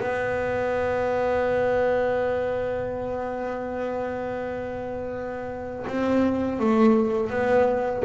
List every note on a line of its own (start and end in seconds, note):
0.00 5.85 B3
5.87 6.60 C4
6.60 7.30 A3
7.30 8.04 B3